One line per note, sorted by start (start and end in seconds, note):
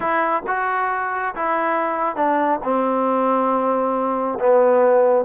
0.00 0.42 E4
0.47 1.34 F#4
1.35 2.16 E4
2.16 2.59 D4
2.63 4.38 C4
4.39 5.25 B3